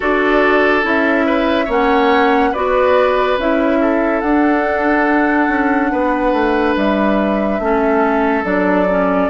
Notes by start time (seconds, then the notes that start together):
0.00 D4 F#4 A4 D5
0.82 C#4 E4 E5
1.26 B4
1.65 A#3 C#4 C#5 F#5
2.51 B3 F#4 B4 D5
3.37 C#4 E4 E5
3.81 A4
4.20 D4 F#5
5.48 C#4
5.91 B3 B4
6.33 A3
6.76 G3 E5
7.59 A3 C#4 A4
8.44 F#3 D4 D5
8.89 C#4